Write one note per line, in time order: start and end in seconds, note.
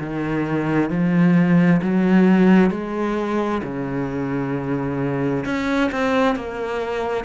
0.00 0.90 D#3
0.90 1.81 F3
1.82 2.70 F#3
2.70 3.61 G#3
3.63 5.45 C#3
5.45 5.90 C#4
5.91 6.35 C4
6.35 7.24 A#3